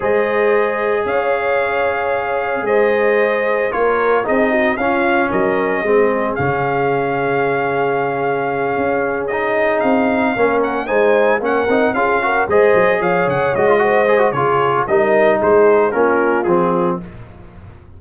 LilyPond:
<<
  \new Staff \with { instrumentName = "trumpet" } { \time 4/4 \tempo 4 = 113 dis''2 f''2~ | f''4 dis''2 cis''4 | dis''4 f''4 dis''2 | f''1~ |
f''4. dis''4 f''4. | fis''8 gis''4 fis''4 f''4 dis''8~ | dis''8 f''8 fis''8 dis''4. cis''4 | dis''4 c''4 ais'4 gis'4 | }
  \new Staff \with { instrumentName = "horn" } { \time 4/4 c''2 cis''2~ | cis''4 c''2 ais'4 | gis'8 fis'8 f'4 ais'4 gis'4~ | gis'1~ |
gis'2.~ gis'8 ais'8~ | ais'8 c''4 ais'4 gis'8 ais'8 c''8~ | c''8 cis''4. c''4 gis'4 | ais'4 gis'4 f'2 | }
  \new Staff \with { instrumentName = "trombone" } { \time 4/4 gis'1~ | gis'2. f'4 | dis'4 cis'2 c'4 | cis'1~ |
cis'4. dis'2 cis'8~ | cis'8 dis'4 cis'8 dis'8 f'8 fis'8 gis'8~ | gis'4. fis'16 f'16 fis'8 gis'16 fis'16 f'4 | dis'2 cis'4 c'4 | }
  \new Staff \with { instrumentName = "tuba" } { \time 4/4 gis2 cis'2~ | cis'4 gis2 ais4 | c'4 cis'4 fis4 gis4 | cis1~ |
cis8 cis'2 c'4 ais8~ | ais8 gis4 ais8 c'8 cis'4 gis8 | fis8 f8 cis8 gis4. cis4 | g4 gis4 ais4 f4 | }
>>